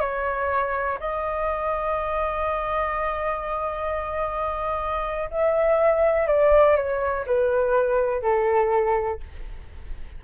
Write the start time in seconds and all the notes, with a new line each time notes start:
0.00 C#5
0.99 D#5
5.30 E5
6.27 D5
6.76 C#5
7.26 B4
8.22 A4